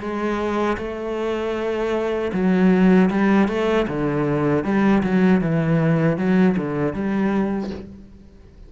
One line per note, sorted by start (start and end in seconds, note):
0.00 0.77 G#3
0.78 2.31 A3
2.33 3.10 F#3
3.10 3.48 G3
3.48 3.87 A3
3.87 4.64 D3
4.64 5.02 G3
5.03 5.41 F#3
5.41 6.17 E3
6.17 6.56 F#3
6.57 6.93 D3
6.93 7.70 G3